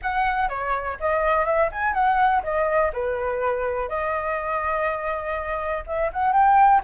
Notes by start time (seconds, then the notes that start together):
0.02 F#5
0.48 C#5
1.00 D#5
1.45 E5
1.72 G#5
1.93 F#5
2.43 D#5
2.93 B4
3.88 D#5
5.86 E5
6.12 F#5
6.32 G5